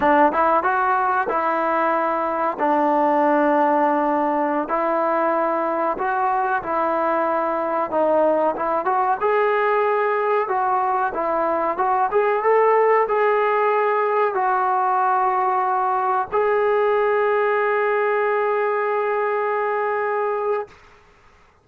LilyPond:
\new Staff \with { instrumentName = "trombone" } { \time 4/4 \tempo 4 = 93 d'8 e'8 fis'4 e'2 | d'2.~ d'16 e'8.~ | e'4~ e'16 fis'4 e'4.~ e'16~ | e'16 dis'4 e'8 fis'8 gis'4.~ gis'16~ |
gis'16 fis'4 e'4 fis'8 gis'8 a'8.~ | a'16 gis'2 fis'4.~ fis'16~ | fis'4~ fis'16 gis'2~ gis'8.~ | gis'1 | }